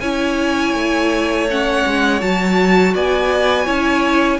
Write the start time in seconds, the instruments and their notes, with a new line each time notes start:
0.00 cello C#4, viola E4, violin C#5 G#5
0.73 cello A3
1.50 viola C#4, violin F#5
1.86 cello G#3
2.20 cello F#3, viola F#4, violin A5
2.94 cello B3, violin D5 G#5
3.64 cello C#4, viola E4, violin C#5